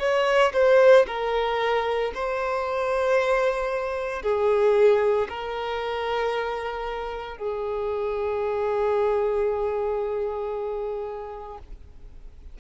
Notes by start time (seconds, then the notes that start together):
0.00 C#5
0.54 C5
1.07 A#4
2.15 C5
4.23 G#4
5.30 A#4
7.38 G#4